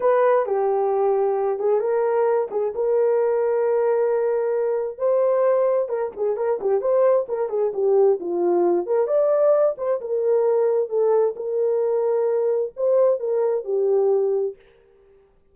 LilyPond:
\new Staff \with { instrumentName = "horn" } { \time 4/4 \tempo 4 = 132 b'4 g'2~ g'8 gis'8 | ais'4. gis'8 ais'2~ | ais'2. c''4~ | c''4 ais'8 gis'8 ais'8 g'8 c''4 |
ais'8 gis'8 g'4 f'4. ais'8 | d''4. c''8 ais'2 | a'4 ais'2. | c''4 ais'4 g'2 | }